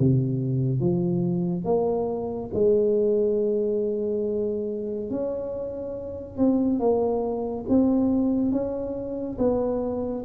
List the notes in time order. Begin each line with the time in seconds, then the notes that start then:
0.00 C3
0.81 F3
1.65 A#3
2.54 G#3
5.11 C#4
6.38 C4
6.80 A#3
7.69 C4
8.52 C#4
9.39 B3